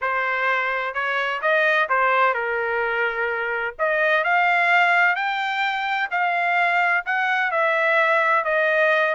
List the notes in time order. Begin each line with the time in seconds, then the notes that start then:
0.01 C5
0.94 C#5
1.41 D#5
1.89 C5
2.34 A#4
3.78 D#5
4.24 F5
5.15 G5
6.10 F5
7.05 F#5
7.51 E5
8.44 D#5